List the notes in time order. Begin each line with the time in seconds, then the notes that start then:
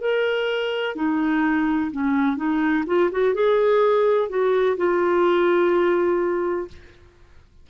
0.00 A#4
0.95 D#4
1.91 C#4
2.36 D#4
2.86 F4
3.11 F#4
3.34 G#4
4.29 F#4
4.77 F4